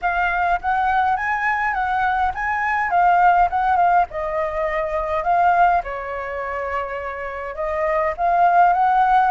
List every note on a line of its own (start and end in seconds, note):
0.01 0.60 F5
0.61 1.16 F#5
1.16 1.73 G#5
1.73 2.31 F#5
2.34 2.90 G#5
2.90 3.48 F5
3.50 3.76 F#5
3.76 4.05 F5
4.10 5.23 D#5
5.23 5.81 F5
5.83 7.55 C#5
7.55 8.13 D#5
8.17 8.73 F5
8.73 9.30 F#5